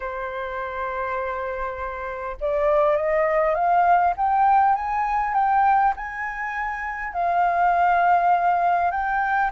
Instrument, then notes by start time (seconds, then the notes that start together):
flute
0.00 C5
2.40 D5
2.96 D#5
3.54 F5
4.16 G5
4.75 G#5
5.34 G5
5.96 G#5
7.13 F5
8.91 G5